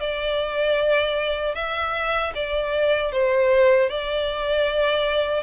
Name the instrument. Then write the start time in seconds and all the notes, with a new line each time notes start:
violin
0.00 D5
1.55 E5
2.35 D5
3.12 C5
3.90 D5